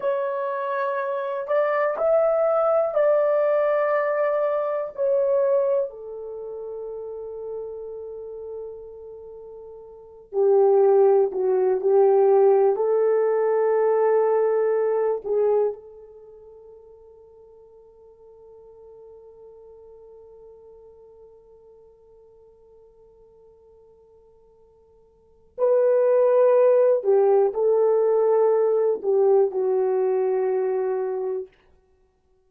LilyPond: \new Staff \with { instrumentName = "horn" } { \time 4/4 \tempo 4 = 61 cis''4. d''8 e''4 d''4~ | d''4 cis''4 a'2~ | a'2~ a'8 g'4 fis'8 | g'4 a'2~ a'8 gis'8 |
a'1~ | a'1~ | a'2 b'4. g'8 | a'4. g'8 fis'2 | }